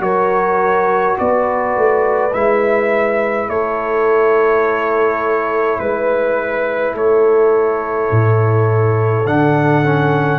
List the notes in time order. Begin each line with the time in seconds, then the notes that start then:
0.00 F#3 F#4 A#4 C#5
1.18 B3 B4 D5
1.76 A3
2.33 G#3 E4 E5
3.49 A3 A4 C#5
5.79 G#3 B4
6.94 A3 A4 C#5
8.11 A2
9.26 D3 D4 F#5
9.84 C#4